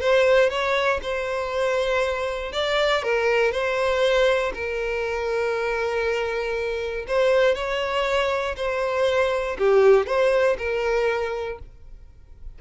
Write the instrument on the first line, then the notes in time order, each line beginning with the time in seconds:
violin
0.00 C5
0.50 C#5
1.02 C5
2.52 D5
3.03 A#4
3.52 C5
4.54 A#4
7.07 C5
7.54 C#5
8.56 C5
9.58 G4
10.06 C5
10.58 A#4